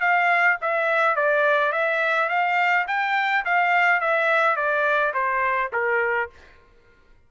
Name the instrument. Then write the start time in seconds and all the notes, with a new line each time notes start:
trumpet
0.00 F5
0.61 E5
1.16 D5
1.72 E5
2.29 F5
2.87 G5
3.45 F5
4.00 E5
4.56 D5
5.14 C5
5.72 A#4